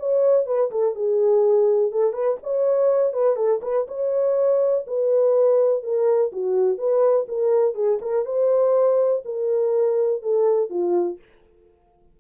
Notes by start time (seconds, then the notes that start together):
0.00 C#5
0.47 B4
0.72 A4
0.95 G#4
1.92 A4
2.13 B4
2.43 C#5
3.14 B4
3.37 A4
3.63 B4
3.88 C#5
4.88 B4
5.83 A#4
6.33 F#4
6.78 B4
7.29 A#4
7.75 G#4
8.02 A#4
8.26 C5
9.25 A#4
10.23 A4
10.71 F4